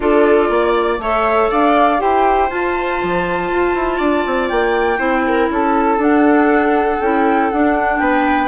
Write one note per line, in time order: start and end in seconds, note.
0.00 0.49 D4
0.00 0.99 F4
0.00 0.51 A4
0.00 0.99 D5
0.49 0.98 A#3
0.49 1.01 D5
0.98 1.48 A3
0.98 1.98 A4
0.98 1.51 C#5
0.98 1.50 E5
1.50 2.01 D4
1.50 2.01 D5
1.50 1.99 F5
1.98 2.49 E4
1.98 2.48 G4
1.98 3.97 C5
1.98 2.49 G5
2.49 2.99 F4
2.49 4.98 F4
2.49 4.48 A5
3.02 3.51 F3
3.51 3.74 F4
3.74 3.99 E4
3.97 4.24 D4
3.97 4.97 D5
4.25 4.50 C4
4.48 4.98 A#3
4.48 5.48 G5
4.98 5.48 C4
4.98 5.98 E4
4.98 5.23 C5
5.27 5.51 A#4
5.50 5.97 C#4
5.50 8.01 A4
5.50 6.02 A5
5.97 6.97 D4
5.97 6.99 D4
5.97 7.01 F#5
7.00 7.50 C#4
7.00 7.52 E4
7.00 7.50 G5
7.50 7.99 D4
7.50 8.48 D4
7.50 7.98 F#5
7.98 8.48 B3
7.98 8.48 B4
7.98 8.48 G5